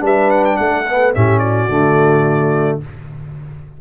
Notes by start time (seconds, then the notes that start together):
0.00 G3 D4 B4 E5
0.30 F#5
0.45 G5
0.56 A3 A4 F#5
0.89 B3
1.15 A2 C#4 G4 E5
1.39 F#4 D5
1.69 D3 A3